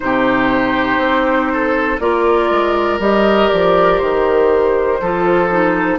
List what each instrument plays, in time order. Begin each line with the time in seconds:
0.00 bassoon C3, clarinet D#4, oboe G4, flute C5
0.97 bassoon C4
1.52 oboe A4
2.00 bassoon A#3, clarinet F4, oboe A#4, flute D5
2.50 bassoon G#3
2.99 bassoon G3, clarinet G4, flute D#5
3.48 bassoon F3, flute D5
3.98 bassoon D#3, flute C5
5.01 bassoon F3, clarinet F4, oboe A4
5.50 clarinet D#4